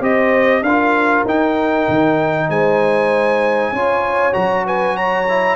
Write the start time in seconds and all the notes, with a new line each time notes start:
0.00 C4 G4 C5 D#5
0.62 D4 A#4 F5
0.68 F4
1.25 D#4 G5
1.88 D#3
2.49 G#3 C5 G#5
3.72 C#4 F4 C#5
4.33 F#3 F#4 A#5
4.66 B4 G#5
4.96 C#5 A#5
5.29 E4